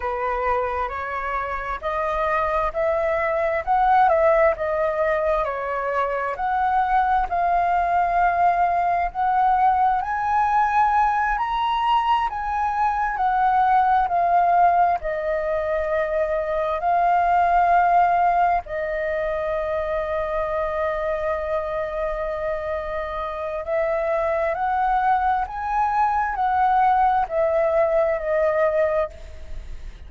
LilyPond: \new Staff \with { instrumentName = "flute" } { \time 4/4 \tempo 4 = 66 b'4 cis''4 dis''4 e''4 | fis''8 e''8 dis''4 cis''4 fis''4 | f''2 fis''4 gis''4~ | gis''8 ais''4 gis''4 fis''4 f''8~ |
f''8 dis''2 f''4.~ | f''8 dis''2.~ dis''8~ | dis''2 e''4 fis''4 | gis''4 fis''4 e''4 dis''4 | }